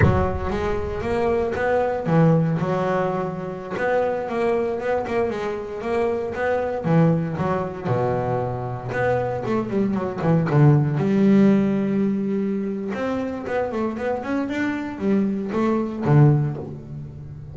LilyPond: \new Staff \with { instrumentName = "double bass" } { \time 4/4 \tempo 4 = 116 fis4 gis4 ais4 b4 | e4 fis2~ fis16 b8.~ | b16 ais4 b8 ais8 gis4 ais8.~ | ais16 b4 e4 fis4 b,8.~ |
b,4~ b,16 b4 a8 g8 fis8 e16~ | e16 d4 g2~ g8.~ | g4 c'4 b8 a8 b8 cis'8 | d'4 g4 a4 d4 | }